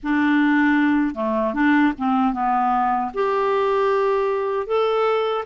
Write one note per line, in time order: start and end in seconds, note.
0.03 1.14 D4
1.14 1.53 A3
1.53 1.92 D4
1.97 2.33 C4
2.33 3.11 B3
3.14 4.66 G4
4.66 5.44 A4